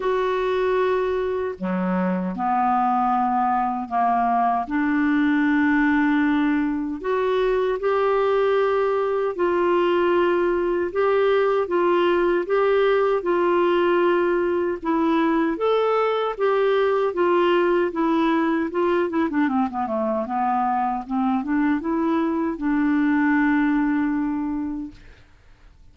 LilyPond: \new Staff \with { instrumentName = "clarinet" } { \time 4/4 \tempo 4 = 77 fis'2 fis4 b4~ | b4 ais4 d'2~ | d'4 fis'4 g'2 | f'2 g'4 f'4 |
g'4 f'2 e'4 | a'4 g'4 f'4 e'4 | f'8 e'16 d'16 c'16 b16 a8 b4 c'8 d'8 | e'4 d'2. | }